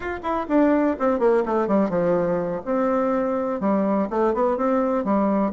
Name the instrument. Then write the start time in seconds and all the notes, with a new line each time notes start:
bassoon
0.00 F4
0.22 E4
0.48 D4
0.99 C4
1.19 A#3
1.45 A3
1.67 G3
1.89 F3
2.65 C4
3.60 G3
4.10 A3
4.34 B3
4.57 C4
5.04 G3